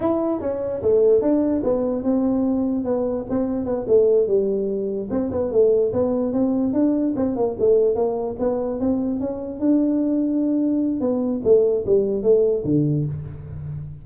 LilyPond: \new Staff \with { instrumentName = "tuba" } { \time 4/4 \tempo 4 = 147 e'4 cis'4 a4 d'4 | b4 c'2 b4 | c'4 b8 a4 g4.~ | g8 c'8 b8 a4 b4 c'8~ |
c'8 d'4 c'8 ais8 a4 ais8~ | ais8 b4 c'4 cis'4 d'8~ | d'2. b4 | a4 g4 a4 d4 | }